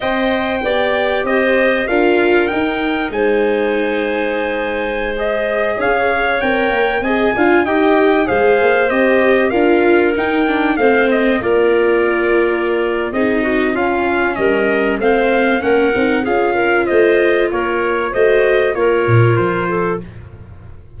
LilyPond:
<<
  \new Staff \with { instrumentName = "trumpet" } { \time 4/4 \tempo 4 = 96 g''2 dis''4 f''4 | g''4 gis''2.~ | gis''16 dis''4 f''4 g''4 gis''8.~ | gis''16 g''4 f''4 dis''4 f''8.~ |
f''16 g''4 f''8 dis''8 d''4.~ d''16~ | d''4 dis''4 f''4 dis''4 | f''4 fis''4 f''4 dis''4 | cis''4 dis''4 cis''4 c''4 | }
  \new Staff \with { instrumentName = "clarinet" } { \time 4/4 dis''4 d''4 c''4 ais'4~ | ais'4 c''2.~ | c''4~ c''16 cis''2 dis''8 f''16~ | f''16 dis''4 c''2 ais'8.~ |
ais'4~ ais'16 c''4 ais'4.~ ais'16~ | ais'4 gis'8 fis'8 f'4 ais'4 | c''4 ais'4 gis'8 ais'8 c''4 | ais'4 c''4 ais'4. a'8 | }
  \new Staff \with { instrumentName = "viola" } { \time 4/4 c''4 g'2 f'4 | dis'1~ | dis'16 gis'2 ais'4 gis'8 f'16~ | f'16 g'4 gis'4 g'4 f'8.~ |
f'16 dis'8 d'8 c'4 f'4.~ f'16~ | f'4 dis'4 cis'2 | c'4 cis'8 dis'8 f'2~ | f'4 fis'4 f'2 | }
  \new Staff \with { instrumentName = "tuba" } { \time 4/4 c'4 b4 c'4 d'4 | dis'4 gis2.~ | gis4~ gis16 cis'4 c'8 ais8 c'8 d'16~ | d'16 dis'4 gis8 ais8 c'4 d'8.~ |
d'16 dis'4 a4 ais4.~ ais16~ | ais4 c'4 cis'4 g4 | a4 ais8 c'8 cis'4 a4 | ais4 a4 ais8 ais,8 f4 | }
>>